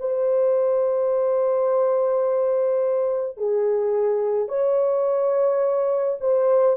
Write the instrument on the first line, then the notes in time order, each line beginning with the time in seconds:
horn
0.00 C5
3.38 G#4
4.49 C#5
6.21 C5